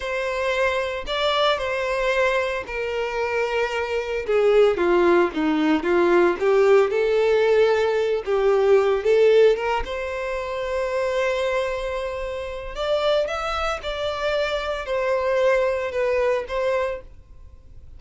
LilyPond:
\new Staff \with { instrumentName = "violin" } { \time 4/4 \tempo 4 = 113 c''2 d''4 c''4~ | c''4 ais'2. | gis'4 f'4 dis'4 f'4 | g'4 a'2~ a'8 g'8~ |
g'4 a'4 ais'8 c''4.~ | c''1 | d''4 e''4 d''2 | c''2 b'4 c''4 | }